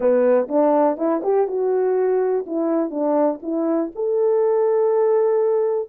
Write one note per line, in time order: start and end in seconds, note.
0.00 0.48 B3
0.48 0.97 D4
0.97 1.21 E4
1.23 1.47 G4
1.47 2.45 F#4
2.46 2.90 E4
2.90 3.39 D4
3.42 3.91 E4
3.95 5.88 A4